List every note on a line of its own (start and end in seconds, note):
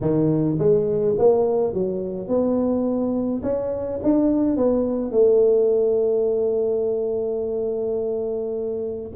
0.01 0.58 D#3
0.58 1.15 G#3
1.18 1.73 A#3
1.73 2.28 F#3
2.28 3.42 B3
3.42 3.99 C#4
4.03 4.56 D4
4.56 5.11 B3
5.11 9.11 A3